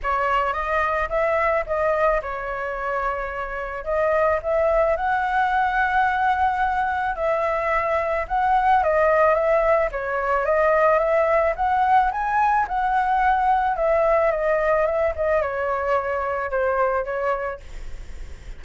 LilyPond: \new Staff \with { instrumentName = "flute" } { \time 4/4 \tempo 4 = 109 cis''4 dis''4 e''4 dis''4 | cis''2. dis''4 | e''4 fis''2.~ | fis''4 e''2 fis''4 |
dis''4 e''4 cis''4 dis''4 | e''4 fis''4 gis''4 fis''4~ | fis''4 e''4 dis''4 e''8 dis''8 | cis''2 c''4 cis''4 | }